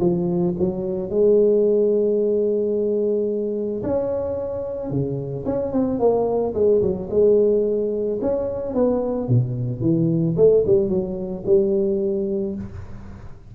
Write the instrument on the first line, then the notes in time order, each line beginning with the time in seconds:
tuba
0.00 F3
0.59 F#3
1.10 G#3
3.83 C#4
4.90 C#3
5.46 C#4
5.72 C4
6.00 A#3
6.55 G#3
6.82 F#3
7.10 G#3
8.22 C#4
8.75 B3
9.29 B2
9.81 E3
10.37 A3
10.67 G3
10.89 F#3
11.46 G3